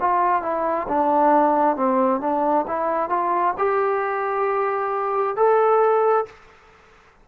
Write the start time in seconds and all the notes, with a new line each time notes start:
0.00 F4
0.42 E4
0.88 D4
1.76 C4
2.20 D4
2.67 E4
3.09 F4
3.57 G4
5.36 A4